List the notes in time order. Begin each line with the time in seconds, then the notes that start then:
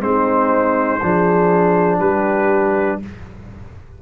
0.00 G#3 C4 D#4 C5
1.02 F3 D4 G#4
1.99 G3 G4 B4